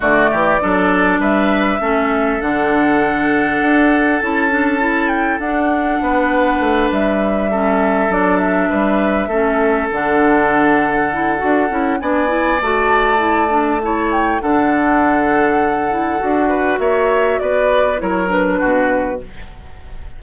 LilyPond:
<<
  \new Staff \with { instrumentName = "flute" } { \time 4/4 \tempo 4 = 100 d''2 e''2 | fis''2. a''4~ | a''8 g''8 fis''2~ fis''8 e''8~ | e''4. d''8 e''2~ |
e''8 fis''2.~ fis''8 | gis''4 a''2~ a''8 g''8 | fis''1 | e''4 d''4 cis''8 b'4. | }
  \new Staff \with { instrumentName = "oboe" } { \time 4/4 fis'8 g'8 a'4 b'4 a'4~ | a'1~ | a'2 b'2~ | b'8 a'2 b'4 a'8~ |
a'1 | d''2. cis''4 | a'2.~ a'8 b'8 | cis''4 b'4 ais'4 fis'4 | }
  \new Staff \with { instrumentName = "clarinet" } { \time 4/4 a4 d'2 cis'4 | d'2. e'8 d'8 | e'4 d'2.~ | d'8 cis'4 d'2 cis'8~ |
cis'8 d'2 e'8 fis'8 e'8 | d'8 e'8 fis'4 e'8 d'8 e'4 | d'2~ d'8 e'8 fis'4~ | fis'2 e'8 d'4. | }
  \new Staff \with { instrumentName = "bassoon" } { \time 4/4 d8 e8 fis4 g4 a4 | d2 d'4 cis'4~ | cis'4 d'4 b4 a8 g8~ | g4. fis4 g4 a8~ |
a8 d2~ d8 d'8 cis'8 | b4 a2. | d2. d'4 | ais4 b4 fis4 b,4 | }
>>